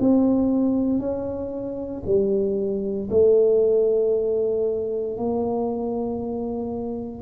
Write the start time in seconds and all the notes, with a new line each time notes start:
0.00 C4
1.00 C#4
2.06 G3
3.11 A3
5.18 A#3